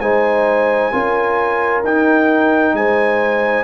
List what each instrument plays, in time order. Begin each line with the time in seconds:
0.00 tuba G#3, trombone D#4, horn C5, trumpet G#5
0.92 tuba C#4, trombone F4, horn A#4
1.84 tuba D#4, trombone D#4, trumpet G5
2.73 tuba G#3, horn C5, trumpet G#5